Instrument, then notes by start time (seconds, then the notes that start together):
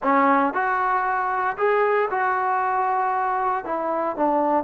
trombone
0.02 C#4
0.53 F#4
1.57 G#4
2.10 F#4
3.64 E4
4.16 D4